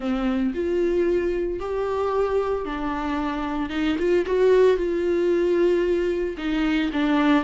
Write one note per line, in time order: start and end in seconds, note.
0.00 0.53 C4
0.54 1.59 F4
1.59 2.65 G4
2.65 3.69 D4
3.69 3.96 D#4
3.98 4.25 F4
4.26 4.76 F#4
4.76 6.36 F4
6.37 6.90 D#4
6.92 7.44 D4